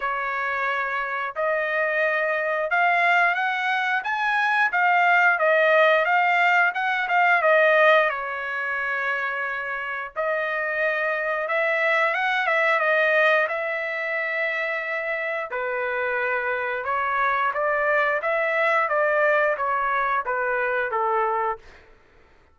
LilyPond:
\new Staff \with { instrumentName = "trumpet" } { \time 4/4 \tempo 4 = 89 cis''2 dis''2 | f''4 fis''4 gis''4 f''4 | dis''4 f''4 fis''8 f''8 dis''4 | cis''2. dis''4~ |
dis''4 e''4 fis''8 e''8 dis''4 | e''2. b'4~ | b'4 cis''4 d''4 e''4 | d''4 cis''4 b'4 a'4 | }